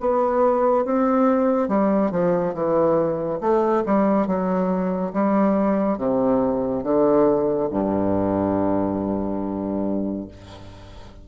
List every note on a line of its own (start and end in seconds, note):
0.00 0.85 B3
0.85 1.68 C4
1.68 2.10 G3
2.10 2.53 F3
2.53 3.39 E3
3.40 3.83 A3
3.85 4.27 G3
4.27 5.12 F#3
5.12 5.97 G3
5.97 6.83 C3
6.83 7.69 D3
7.70 10.27 G2